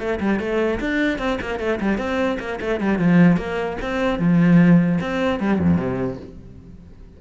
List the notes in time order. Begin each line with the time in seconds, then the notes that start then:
0.00 A3
0.21 G3
0.40 A3
0.81 D4
1.19 C4
1.41 A#3
1.60 A3
1.81 G3
1.98 C4
2.40 A#3
2.61 A3
2.81 G3
2.99 F3
3.37 A#3
3.82 C4
4.19 F3
5.01 C4
5.40 G3
5.59 F2
5.77 C3